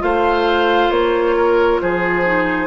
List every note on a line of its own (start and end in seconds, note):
0.00 0.91 A3
0.00 2.24 F4
0.00 1.37 C5
0.00 0.91 F5
0.91 1.80 A#3
0.91 1.81 C#5
1.37 1.81 A#4
1.82 2.68 F3
1.82 2.68 G#4
1.82 2.68 C5
2.26 2.68 D#4